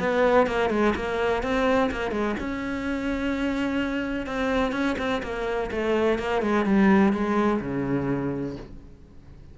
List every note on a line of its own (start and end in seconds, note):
0.00 0.47 B3
0.47 0.71 A#3
0.71 0.94 G#3
0.96 1.43 A#3
1.43 1.90 C4
1.92 2.12 A#3
2.12 2.35 G#3
2.40 4.27 C#4
4.27 4.73 C4
4.73 4.96 C#4
4.99 5.23 C4
5.23 5.71 A#3
5.72 6.19 A3
6.19 6.42 A#3
6.42 6.66 G#3
6.66 7.13 G3
7.13 7.61 G#3
7.61 8.56 C#3